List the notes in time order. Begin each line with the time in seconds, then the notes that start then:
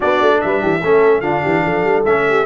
0.00 B3 D4 F#4 D5
0.21 A3
0.40 G3 B4 E5
0.61 E3 G4
0.82 A3 C#4 A4
1.20 D3 D4 F4 F5
1.42 E3 G4
1.64 F3 A4
1.84 G3
2.05 A3 C#4 E5
2.28 G4